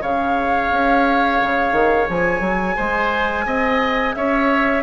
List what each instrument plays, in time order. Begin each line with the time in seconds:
0.00 bassoon C#3, clarinet G#4, oboe C#5, flute F5
0.71 bassoon C#4
1.42 bassoon C#3
1.73 bassoon D#3
2.10 bassoon F3, flute G#5
2.41 bassoon F#3
2.76 bassoon G#3, oboe C5
3.46 bassoon C4, oboe D#5
4.15 bassoon C#4, oboe C#5, flute E5